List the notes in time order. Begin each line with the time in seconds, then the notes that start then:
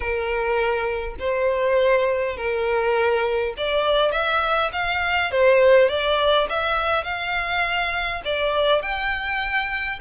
0.00 A#4
1.19 C5
2.37 A#4
3.57 D5
4.11 E5
4.72 F5
5.31 C5
5.88 D5
6.49 E5
7.04 F5
8.24 D5
8.82 G5